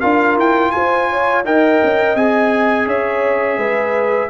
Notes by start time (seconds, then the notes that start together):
0.00 D4 F4 A#4 F5
0.37 E4 G5
0.71 F4 C5 G#5
1.10 C#5
1.45 D#4 A#4 D#5 G5
1.83 C#4
2.15 C4 G#4 G#5
2.86 C#4 C#5 E5
3.58 G#3 B4